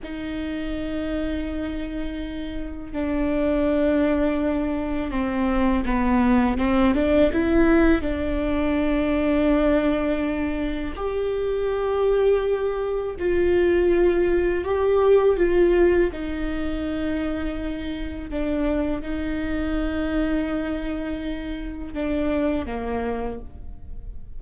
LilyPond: \new Staff \with { instrumentName = "viola" } { \time 4/4 \tempo 4 = 82 dis'1 | d'2. c'4 | b4 c'8 d'8 e'4 d'4~ | d'2. g'4~ |
g'2 f'2 | g'4 f'4 dis'2~ | dis'4 d'4 dis'2~ | dis'2 d'4 ais4 | }